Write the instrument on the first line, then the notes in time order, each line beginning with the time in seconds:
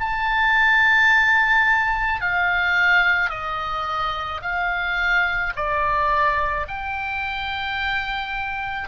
oboe
0.00 A5
2.21 F5
3.30 D#5
4.42 F5
5.56 D5
6.68 G5